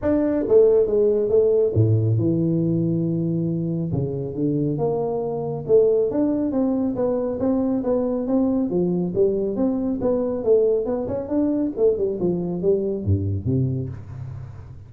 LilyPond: \new Staff \with { instrumentName = "tuba" } { \time 4/4 \tempo 4 = 138 d'4 a4 gis4 a4 | a,4 e2.~ | e4 cis4 d4 ais4~ | ais4 a4 d'4 c'4 |
b4 c'4 b4 c'4 | f4 g4 c'4 b4 | a4 b8 cis'8 d'4 a8 g8 | f4 g4 g,4 c4 | }